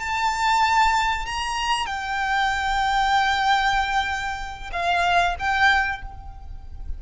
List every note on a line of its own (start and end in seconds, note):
0.00 1.26 A5
1.26 1.87 A#5
1.87 4.71 G5
4.72 5.35 F5
5.39 6.02 G5